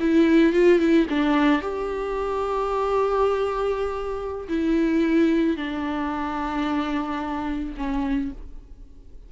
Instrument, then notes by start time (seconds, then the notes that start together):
viola
0.00 E4
0.53 F4
0.79 E4
1.10 D4
1.62 G4
4.49 E4
5.57 D4
7.78 C#4